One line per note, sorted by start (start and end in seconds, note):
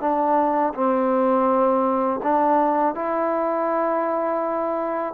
0.00 0.73 D4
0.74 2.20 C4
2.23 2.94 D4
2.94 5.13 E4